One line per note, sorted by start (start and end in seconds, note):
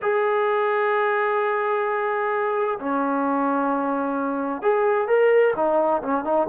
0.01 2.78 G#4
2.79 4.62 C#4
4.62 5.07 G#4
5.07 5.53 A#4
5.56 6.02 D#4
6.02 6.24 C#4
6.24 6.47 D#4